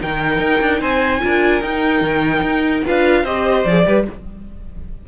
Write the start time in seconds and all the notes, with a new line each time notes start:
0.00 D#3 D#4 A#4 G5
0.39 D#4
0.61 D4
0.81 C4 C5 G#5
1.20 D4 F4 A#4
1.62 D#4 G5
2.01 D#3
2.42 D#4
2.85 D4 F4 B4 F5
3.23 C4 G4 C5 D#5
3.65 F3 G#4 D5
3.86 G3 G4 B4